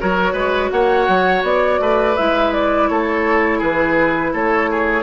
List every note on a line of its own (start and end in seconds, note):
0.00 0.34 F#3
0.00 2.17 F#4
0.00 0.33 A#4
0.00 0.71 C#5
0.33 0.70 G#3
0.33 0.69 B4
0.71 1.08 A#3
0.71 1.81 C#5
0.71 1.43 F#5
1.08 1.43 F#3
1.43 1.79 B3
1.43 2.16 D5
1.80 2.16 A3
1.80 2.89 B4
2.16 2.89 G#3
2.16 5.03 E4
2.16 2.52 E5
2.53 2.88 D5
2.88 3.62 A3
2.88 3.58 A4
2.88 3.60 C#5
3.58 4.33 E3
3.58 4.31 G#4
3.58 4.34 B4
4.33 5.03 A3
4.33 4.70 A4
4.33 5.03 C#5
4.70 5.03 G#4